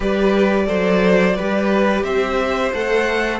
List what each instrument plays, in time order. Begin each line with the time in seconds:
0.00 cello G3, viola G4, violin B4 D5
0.66 cello F#3, viola A4, violin C5
1.36 cello G3, viola G4, violin B4
2.03 cello C4, violin C5 E5
2.73 cello A3, viola A4, violin F#5